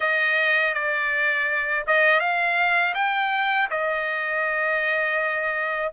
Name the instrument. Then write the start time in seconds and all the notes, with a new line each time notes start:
trumpet
0.00 D#5
0.74 D5
1.86 D#5
2.20 F5
2.94 G5
3.70 D#5